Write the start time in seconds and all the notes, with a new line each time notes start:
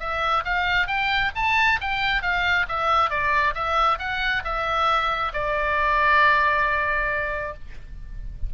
0.00 E5
0.45 F5
0.88 G5
1.36 A5
1.81 G5
2.22 F5
2.69 E5
3.10 D5
3.55 E5
3.99 F#5
4.45 E5
5.34 D5